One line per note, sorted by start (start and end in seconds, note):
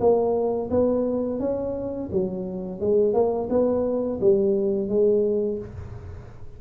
0.00 0.70 A#3
0.71 1.40 B3
1.40 2.10 C#4
2.12 2.80 F#3
2.80 3.14 G#3
3.14 3.49 A#3
3.50 4.20 B3
4.21 4.89 G3
4.89 5.59 G#3